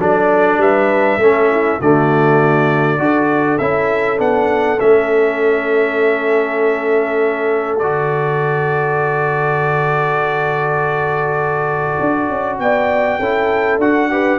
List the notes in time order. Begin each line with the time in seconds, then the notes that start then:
0.00 F#3 D4 A4 D5
0.58 G3 B4 E5
1.18 A3 C#4 A4
1.51 E4
1.80 D3 A3 F#4 D5
2.99 D4 F#4 A4
3.59 C#4 E4 E5
4.18 B3 D4 F#5
4.80 A3 C#4 E5
7.79 D3 F#4 D5
12.01 D4
12.30 C#4
12.60 B3 D5 G5
13.20 C#4 E4 A4
13.78 D4 F#4 F#5
14.11 G4 B4